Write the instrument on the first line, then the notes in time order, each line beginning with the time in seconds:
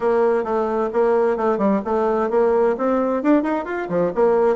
bassoon
0.00 A#3
0.44 A3
0.92 A#3
1.36 A3
1.57 G3
1.84 A3
2.30 A#3
2.77 C4
3.22 D4
3.42 D#4
3.65 F4
3.89 F3
4.14 A#3